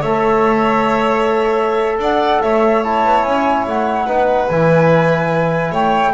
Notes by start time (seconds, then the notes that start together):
0.00 A3 A4 C#5 E5
1.98 D4 D5 F#5
2.42 A3 C#5 E5
2.83 E4 A5
3.04 B3
3.24 C#4 G#5
3.67 A3 F#5
4.06 B3 D#4 B4
4.49 E3 E4 G#5
5.71 A3 C#5 G5